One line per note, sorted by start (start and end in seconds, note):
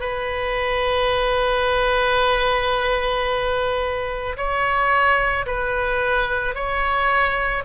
0.00 4.36 B4
4.37 5.46 C#5
5.46 6.55 B4
6.55 7.64 C#5